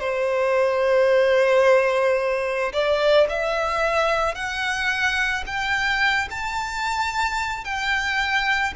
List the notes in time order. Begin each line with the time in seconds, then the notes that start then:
0.00 C5
2.73 D5
3.29 E5
4.35 F#5
5.46 G5
6.30 A5
7.65 G5